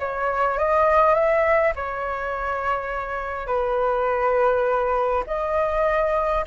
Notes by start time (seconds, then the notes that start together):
0.00 C#5
0.59 D#5
1.15 E5
1.76 C#5
3.47 B4
5.28 D#5